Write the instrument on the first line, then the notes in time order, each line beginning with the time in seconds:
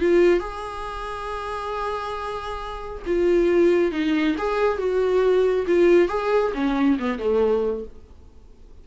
viola
0.00 F4
0.40 G#4
3.06 F4
3.92 D#4
4.38 G#4
4.78 F#4
5.67 F4
6.08 G#4
6.54 C#4
6.99 B3
7.19 A3